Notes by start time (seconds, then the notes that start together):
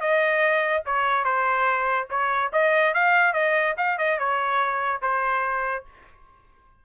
0.00 D#5
0.85 C#5
1.24 C5
2.09 C#5
2.52 D#5
2.94 F5
3.33 D#5
3.77 F5
3.98 D#5
4.18 C#5
5.01 C5